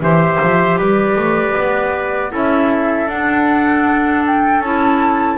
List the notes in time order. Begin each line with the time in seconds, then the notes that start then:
0.00 E3 G4 C5 E5
0.41 F3
0.78 G3 B4 D5
1.16 A3
1.58 B3
2.31 C#4 E4 A4 E5
3.06 D4 F#5
4.26 G5
4.60 C#4 E4 A5